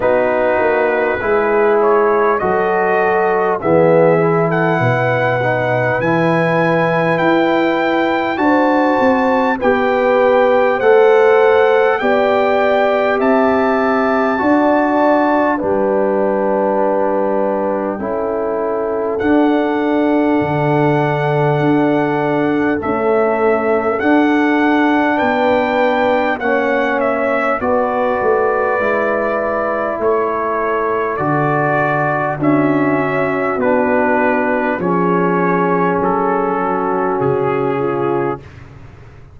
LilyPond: <<
  \new Staff \with { instrumentName = "trumpet" } { \time 4/4 \tempo 4 = 50 b'4. cis''8 dis''4 e''8. fis''16~ | fis''4 gis''4 g''4 a''4 | g''4 fis''4 g''4 a''4~ | a''4 g''2. |
fis''2. e''4 | fis''4 g''4 fis''8 e''8 d''4~ | d''4 cis''4 d''4 e''4 | b'4 cis''4 a'4 gis'4 | }
  \new Staff \with { instrumentName = "horn" } { \time 4/4 fis'4 gis'4 a'4 gis'8. a'16 | b'2. c''4 | b'4 c''4 d''4 e''4 | d''4 b'2 a'4~ |
a'1~ | a'4 b'4 cis''4 b'4~ | b'4 a'2 fis'4~ | fis'4 gis'4. fis'4 f'8 | }
  \new Staff \with { instrumentName = "trombone" } { \time 4/4 dis'4 e'4 fis'4 b8 e'8~ | e'8 dis'8 e'2 fis'4 | g'4 a'4 g'2 | fis'4 d'2 e'4 |
d'2. a4 | d'2 cis'4 fis'4 | e'2 fis'4 cis'4 | d'4 cis'2. | }
  \new Staff \with { instrumentName = "tuba" } { \time 4/4 b8 ais8 gis4 fis4 e4 | b,4 e4 e'4 d'8 c'8 | b4 a4 b4 c'4 | d'4 g2 cis'4 |
d'4 d4 d'4 cis'4 | d'4 b4 ais4 b8 a8 | gis4 a4 d4 d'8 cis'8 | b4 f4 fis4 cis4 | }
>>